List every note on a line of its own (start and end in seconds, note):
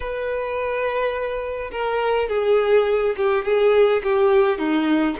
0.00 1.70 B4
1.71 2.28 A#4
2.28 3.15 G#4
3.17 3.44 G4
3.44 4.02 G#4
4.03 4.58 G4
4.58 5.16 D#4